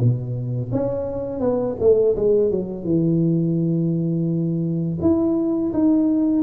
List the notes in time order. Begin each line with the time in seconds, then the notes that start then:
0.00 B2
0.72 C#4
1.40 B3
1.81 A3
2.17 G#3
2.51 F#3
2.84 E3
5.02 E4
5.73 D#4